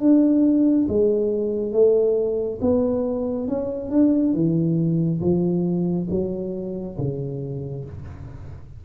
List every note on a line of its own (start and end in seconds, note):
0.00 0.87 D4
0.88 1.72 G#3
1.72 2.59 A3
2.61 3.48 B3
3.48 3.90 C#4
3.90 4.34 D4
4.34 5.21 E3
5.21 6.08 F3
6.10 6.97 F#3
6.98 7.85 C#3